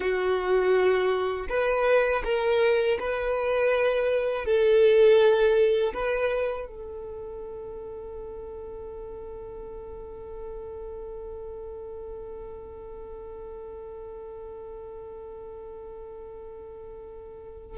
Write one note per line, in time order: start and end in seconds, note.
0.00 1.47 F#4
1.48 2.22 B4
2.24 2.98 A#4
2.99 4.45 B4
4.45 5.93 A4
5.93 6.67 B4
6.67 17.77 A4